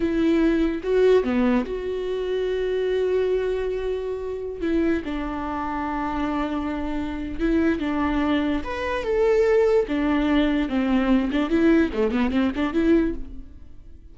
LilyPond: \new Staff \with { instrumentName = "viola" } { \time 4/4 \tempo 4 = 146 e'2 fis'4 b4 | fis'1~ | fis'2.~ fis'16 e'8.~ | e'16 d'2.~ d'8.~ |
d'2 e'4 d'4~ | d'4 b'4 a'2 | d'2 c'4. d'8 | e'4 a8 b8 c'8 d'8 e'4 | }